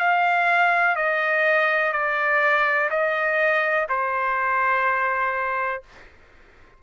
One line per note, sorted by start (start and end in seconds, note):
0.00 0.96 F5
0.96 1.93 D#5
1.93 2.90 D5
2.90 3.87 D#5
3.90 5.83 C5